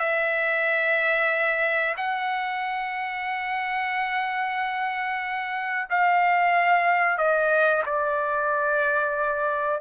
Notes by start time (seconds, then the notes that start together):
0.00 E5
1.97 F#5
5.90 F5
7.18 D#5
7.86 D5